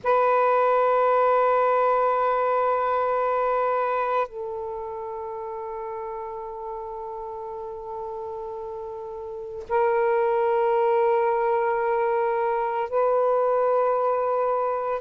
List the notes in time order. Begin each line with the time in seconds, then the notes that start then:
0.03 B4
4.28 A4
9.69 A#4
12.89 B4